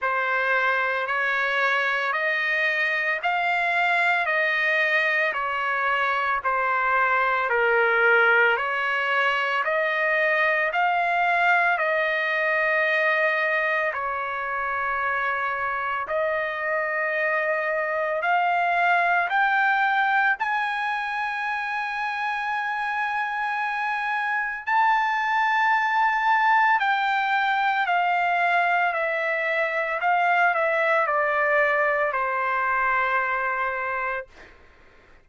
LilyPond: \new Staff \with { instrumentName = "trumpet" } { \time 4/4 \tempo 4 = 56 c''4 cis''4 dis''4 f''4 | dis''4 cis''4 c''4 ais'4 | cis''4 dis''4 f''4 dis''4~ | dis''4 cis''2 dis''4~ |
dis''4 f''4 g''4 gis''4~ | gis''2. a''4~ | a''4 g''4 f''4 e''4 | f''8 e''8 d''4 c''2 | }